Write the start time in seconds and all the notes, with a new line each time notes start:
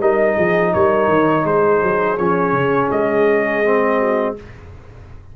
0.00 G3 D#4 A#4 D#5
0.36 F3 G#4
0.74 G3 A#4 C#5
1.08 D#3
1.45 G#3 G#4 C5
1.83 F#3
2.18 F3 C#4 C#5
2.52 C#3
2.91 G#3 D#5
3.64 C4
3.99 F#4